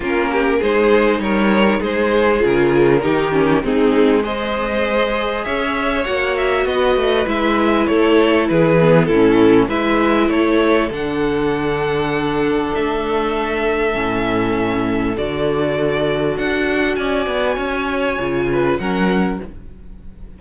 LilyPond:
<<
  \new Staff \with { instrumentName = "violin" } { \time 4/4 \tempo 4 = 99 ais'4 c''4 cis''4 c''4 | ais'2 gis'4 dis''4~ | dis''4 e''4 fis''8 e''8 dis''4 | e''4 cis''4 b'4 a'4 |
e''4 cis''4 fis''2~ | fis''4 e''2.~ | e''4 d''2 fis''4 | gis''2. fis''4 | }
  \new Staff \with { instrumentName = "violin" } { \time 4/4 f'8 g'8 gis'4 ais'4 gis'4~ | gis'4 g'4 dis'4 c''4~ | c''4 cis''2 b'4~ | b'4 a'4 gis'4 e'4 |
b'4 a'2.~ | a'1~ | a'1 | d''4 cis''4. b'8 ais'4 | }
  \new Staff \with { instrumentName = "viola" } { \time 4/4 cis'4 dis'2. | f'4 dis'8 cis'8 c'4 gis'4~ | gis'2 fis'2 | e'2~ e'8 b8 cis'4 |
e'2 d'2~ | d'2. cis'4~ | cis'4 fis'2.~ | fis'2 f'4 cis'4 | }
  \new Staff \with { instrumentName = "cello" } { \time 4/4 ais4 gis4 g4 gis4 | cis4 dis4 gis2~ | gis4 cis'4 ais4 b8 a8 | gis4 a4 e4 a,4 |
gis4 a4 d2~ | d4 a2 a,4~ | a,4 d2 d'4 | cis'8 b8 cis'4 cis4 fis4 | }
>>